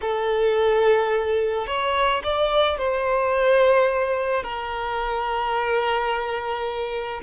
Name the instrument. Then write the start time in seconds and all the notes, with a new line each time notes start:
violin
0.01 A4
1.66 C#5
2.23 D5
2.78 C5
4.43 A#4